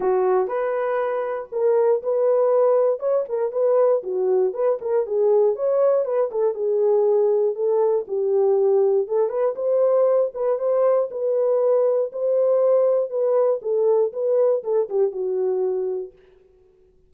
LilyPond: \new Staff \with { instrumentName = "horn" } { \time 4/4 \tempo 4 = 119 fis'4 b'2 ais'4 | b'2 cis''8 ais'8 b'4 | fis'4 b'8 ais'8 gis'4 cis''4 | b'8 a'8 gis'2 a'4 |
g'2 a'8 b'8 c''4~ | c''8 b'8 c''4 b'2 | c''2 b'4 a'4 | b'4 a'8 g'8 fis'2 | }